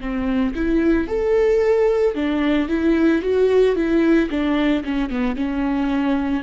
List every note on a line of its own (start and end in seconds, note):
0.00 0.54 C4
0.54 1.07 E4
1.07 2.14 A4
2.14 2.68 D4
2.68 3.21 E4
3.21 3.75 F#4
3.75 4.29 E4
4.30 4.83 D4
4.84 5.09 C#4
5.09 5.36 B3
5.36 6.43 C#4